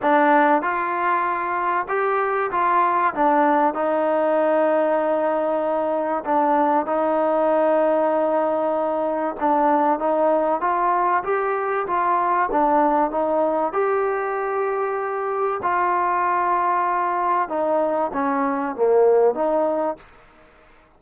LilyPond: \new Staff \with { instrumentName = "trombone" } { \time 4/4 \tempo 4 = 96 d'4 f'2 g'4 | f'4 d'4 dis'2~ | dis'2 d'4 dis'4~ | dis'2. d'4 |
dis'4 f'4 g'4 f'4 | d'4 dis'4 g'2~ | g'4 f'2. | dis'4 cis'4 ais4 dis'4 | }